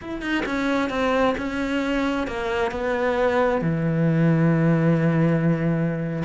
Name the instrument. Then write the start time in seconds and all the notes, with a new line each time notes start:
cello
0.01 E4
0.21 D#4
0.45 C#4
0.89 C4
1.37 C#4
2.27 A#3
2.71 B3
3.61 E3